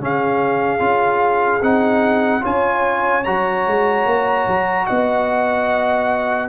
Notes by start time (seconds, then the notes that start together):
0.00 C#3 C#4 G#4 F5
0.79 C#4 F4
1.61 C4 D#4 F#5
2.41 C#4 F4 C#5 G#5
3.24 F#3 F#4 A#5
3.67 G#3
4.06 A#3
4.47 F#3
4.86 B3 D#5 F#5